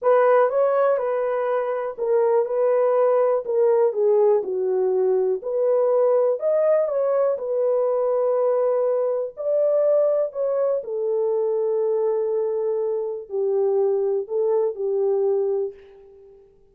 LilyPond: \new Staff \with { instrumentName = "horn" } { \time 4/4 \tempo 4 = 122 b'4 cis''4 b'2 | ais'4 b'2 ais'4 | gis'4 fis'2 b'4~ | b'4 dis''4 cis''4 b'4~ |
b'2. d''4~ | d''4 cis''4 a'2~ | a'2. g'4~ | g'4 a'4 g'2 | }